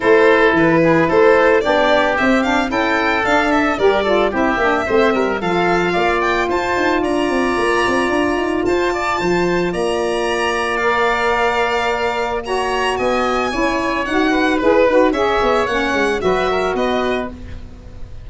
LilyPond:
<<
  \new Staff \with { instrumentName = "violin" } { \time 4/4 \tempo 4 = 111 c''4 b'4 c''4 d''4 | e''8 f''8 g''4 f''8 e''8 d''4 | e''2 f''4. g''8 | a''4 ais''2. |
a''2 ais''2 | f''2. ais''4 | gis''2 fis''4 b'4 | e''4 fis''4 e''4 dis''4 | }
  \new Staff \with { instrumentName = "oboe" } { \time 4/4 a'4. gis'8 a'4 g'4~ | g'4 a'2 ais'8 a'8 | g'4 c''8 ais'8 a'4 d''4 | c''4 d''2. |
c''8 d''8 c''4 d''2~ | d''2. cis''4 | dis''4 cis''4. b'4. | cis''2 b'8 ais'8 b'4 | }
  \new Staff \with { instrumentName = "saxophone" } { \time 4/4 e'2. d'4 | c'8 d'8 e'4 d'4 g'8 f'8 | e'8 d'8 c'4 f'2~ | f'1~ |
f'1 | ais'2. fis'4~ | fis'4 e'4 fis'4 gis'8 fis'8 | gis'4 cis'4 fis'2 | }
  \new Staff \with { instrumentName = "tuba" } { \time 4/4 a4 e4 a4 b4 | c'4 cis'4 d'4 g4 | c'8 ais8 a8 g8 f4 ais4 | f'8 dis'8 d'8 c'8 ais8 c'8 d'8 dis'8 |
f'4 f4 ais2~ | ais1 | b4 cis'4 dis'4 e'8 dis'8 | cis'8 b8 ais8 gis8 fis4 b4 | }
>>